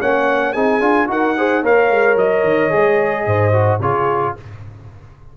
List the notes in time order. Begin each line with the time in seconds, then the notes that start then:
0.00 A#3 C#4 C#5 F#5
0.52 C4 D#4 G#4 G#5
0.80 D4 F4
1.07 D#4 F#4 A#4 F#5
1.37 G#4 C5
1.62 A#3 A#4 C#5 F5
1.90 G#3
2.16 F#3 D#5
2.43 D#3
2.69 G#3 G#4
3.26 G#2 C5
3.52 F#4
3.80 C#3 F4 G#4 C#5